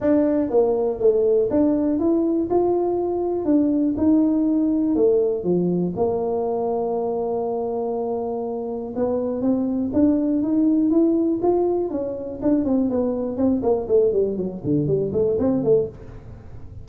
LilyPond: \new Staff \with { instrumentName = "tuba" } { \time 4/4 \tempo 4 = 121 d'4 ais4 a4 d'4 | e'4 f'2 d'4 | dis'2 a4 f4 | ais1~ |
ais2 b4 c'4 | d'4 dis'4 e'4 f'4 | cis'4 d'8 c'8 b4 c'8 ais8 | a8 g8 fis8 d8 g8 a8 c'8 a8 | }